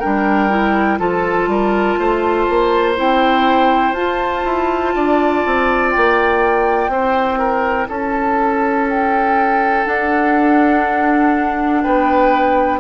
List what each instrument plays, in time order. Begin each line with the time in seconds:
0.00 bassoon G3, clarinet D4, oboe A#4, flute G5
0.50 clarinet E4
0.99 bassoon F3, clarinet F4, oboe A4, flute A5
1.47 bassoon G3, oboe A#4
1.99 bassoon A3, oboe C5
2.49 bassoon A#3
2.96 bassoon C4, clarinet E4, flute G5
3.93 bassoon F4, clarinet F4, flute A5
4.45 bassoon E4
4.96 bassoon D4, oboe D5
5.46 bassoon C4
5.91 bassoon A#3, flute G5
6.89 bassoon C4, clarinet E4, oboe C5
7.39 oboe A#4
7.89 bassoon C#4, oboe A4, flute A5
8.90 flute G5
9.86 clarinet D4, bassoon D4, flute F#5
11.82 bassoon B3, oboe B4, flute G5